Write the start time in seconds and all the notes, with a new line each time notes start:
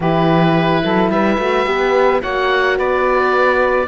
0.00 E3 E4 G4 B4
0.83 F#3 A4
1.09 G3 B4 E5
1.38 A3 F#4
1.66 B3 G4
2.21 A#3 F#4 C#5 F#5
2.76 B3 B4 D5